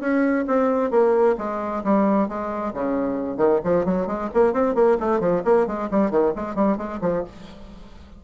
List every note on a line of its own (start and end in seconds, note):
0.00 0.45 C#4
0.47 0.91 C4
0.91 1.36 A#3
1.38 1.83 G#3
1.84 2.28 G3
2.28 2.73 G#3
2.74 3.37 C#3
3.37 3.60 D#3
3.64 3.85 F3
3.85 4.07 F#3
4.07 4.29 G#3
4.34 4.53 A#3
4.53 4.75 C4
4.75 4.97 A#3
5.00 5.20 A3
5.20 5.42 F3
5.45 5.67 A#3
5.67 5.89 G#3
5.91 6.11 G3
6.11 6.33 D#3
6.36 6.55 G#3
6.55 6.77 G3
6.77 7.00 G#3
7.01 7.24 F3